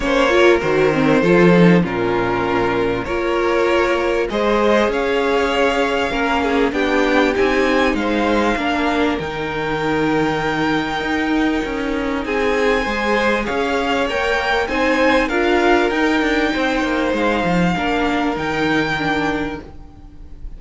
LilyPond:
<<
  \new Staff \with { instrumentName = "violin" } { \time 4/4 \tempo 4 = 98 cis''4 c''2 ais'4~ | ais'4 cis''2 dis''4 | f''2. g''4 | gis''4 f''2 g''4~ |
g''1 | gis''2 f''4 g''4 | gis''4 f''4 g''2 | f''2 g''2 | }
  \new Staff \with { instrumentName = "violin" } { \time 4/4 c''8 ais'4. a'4 f'4~ | f'4 ais'2 c''4 | cis''2 ais'8 gis'8 g'4~ | g'4 c''4 ais'2~ |
ais'1 | gis'4 c''4 cis''2 | c''4 ais'2 c''4~ | c''4 ais'2. | }
  \new Staff \with { instrumentName = "viola" } { \time 4/4 cis'8 f'8 fis'8 c'8 f'8 dis'8 cis'4~ | cis'4 f'2 gis'4~ | gis'2 cis'4 d'4 | dis'2 d'4 dis'4~ |
dis'1~ | dis'4 gis'2 ais'4 | dis'4 f'4 dis'2~ | dis'4 d'4 dis'4 d'4 | }
  \new Staff \with { instrumentName = "cello" } { \time 4/4 ais4 dis4 f4 ais,4~ | ais,4 ais2 gis4 | cis'2 ais4 b4 | c'4 gis4 ais4 dis4~ |
dis2 dis'4 cis'4 | c'4 gis4 cis'4 ais4 | c'4 d'4 dis'8 d'8 c'8 ais8 | gis8 f8 ais4 dis2 | }
>>